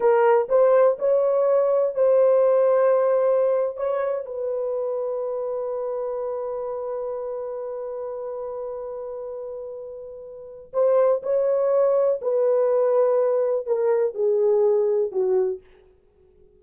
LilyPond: \new Staff \with { instrumentName = "horn" } { \time 4/4 \tempo 4 = 123 ais'4 c''4 cis''2 | c''2.~ c''8. cis''16~ | cis''8. b'2.~ b'16~ | b'1~ |
b'1~ | b'2 c''4 cis''4~ | cis''4 b'2. | ais'4 gis'2 fis'4 | }